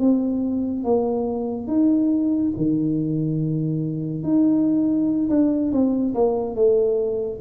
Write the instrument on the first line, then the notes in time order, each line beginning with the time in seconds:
tuba
0.00 C4
0.85 A#3
1.68 D#4
2.57 D#3
4.24 D#4
5.30 D4
5.72 C4
6.15 A#3
6.55 A3